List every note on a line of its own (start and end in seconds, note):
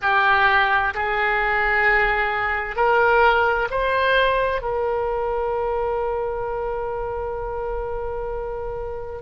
0.01 0.94 G4
0.94 2.76 G#4
2.76 3.68 A#4
3.70 4.61 C5
4.61 9.21 A#4